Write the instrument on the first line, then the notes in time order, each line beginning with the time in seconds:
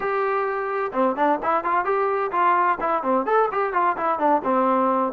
trombone
0.00 G4
0.93 C4
1.16 D4
1.42 E4
1.64 F4
1.84 G4
2.31 F4
2.80 E4
3.02 C4
3.26 A4
3.51 G4
3.73 F4
3.96 E4
4.18 D4
4.44 C4